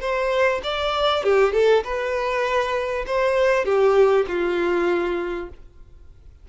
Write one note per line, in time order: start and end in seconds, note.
0.00 0.61 C5
0.63 1.23 D5
1.23 1.53 G4
1.53 1.83 A4
1.84 3.05 B4
3.06 3.65 C5
3.65 4.25 G4
4.28 5.49 F4